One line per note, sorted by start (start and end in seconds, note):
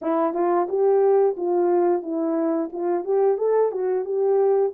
0.01 0.34 E4
0.34 0.67 F4
0.68 1.36 G4
1.36 2.02 F4
2.02 2.69 E4
2.72 3.04 F4
3.04 3.37 G4
3.37 3.71 A4
3.71 4.04 F#4
4.04 4.72 G4